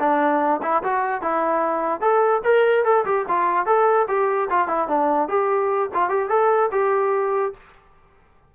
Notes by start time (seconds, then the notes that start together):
0.00 D4
0.63 E4
0.83 F#4
1.22 E4
2.01 A4
2.44 A#4
2.84 A4
3.06 G4
3.28 F4
3.66 A4
4.08 G4
4.50 F4
4.68 E4
4.88 D4
5.29 G4
5.94 F4
6.09 G4
6.29 A4
6.72 G4